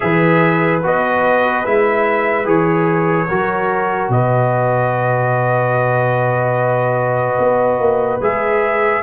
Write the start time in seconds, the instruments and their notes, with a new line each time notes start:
0.00 tuba E3, trombone G#4, horn B4, trumpet E5
0.82 tuba B3, trombone F#4, trumpet D#5
1.65 tuba G#3, trombone E4, trumpet E5
2.44 tuba E3, trombone G#4, trumpet C#5
3.29 tuba F#3, trombone F#4, horn A#4
4.09 tuba B2, horn B4, trumpet D#5
7.38 tuba B3
7.79 tuba A#3
8.21 tuba G#3, trombone G#4, trumpet E5